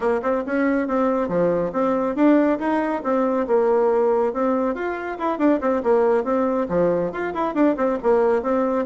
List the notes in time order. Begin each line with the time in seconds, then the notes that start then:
0.00 A#3
0.22 C4
0.45 C#4
0.87 C4
1.28 F3
1.72 C4
2.15 D4
2.59 D#4
3.03 C4
3.47 A#3
4.33 C4
4.75 F4
5.18 E4
5.38 D4
5.60 C4
5.83 A#3
6.24 C4
6.68 F3
7.12 F4
7.34 E4
7.54 D4
7.77 C4
8.02 A#3
8.42 C4